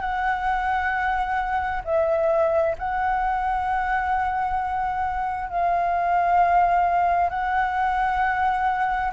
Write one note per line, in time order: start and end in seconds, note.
0.00 1.82 F#5
1.84 2.75 E5
2.78 5.49 F#5
5.49 7.29 F5
7.29 9.11 F#5